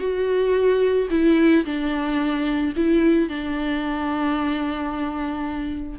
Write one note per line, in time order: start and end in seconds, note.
0.00 1.08 F#4
1.11 1.65 E4
1.65 2.73 D4
2.76 3.29 E4
3.29 5.99 D4